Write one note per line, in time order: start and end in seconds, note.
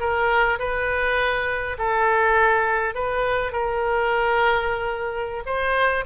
0.00 0.59 A#4
0.59 1.77 B4
1.79 2.95 A4
2.95 3.53 B4
3.53 5.44 A#4
5.46 6.05 C5